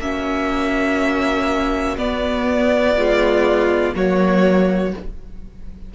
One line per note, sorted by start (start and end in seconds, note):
0.00 1.97 A#3
0.00 1.98 C#4
0.00 2.97 F#4
0.00 1.98 E5
1.97 3.94 B3
1.97 2.96 B3
1.97 3.95 D5
2.97 3.95 G#3
2.97 3.95 F4
3.95 4.94 F#3
3.95 4.93 A#3
3.95 4.94 F#4
3.95 4.95 C#5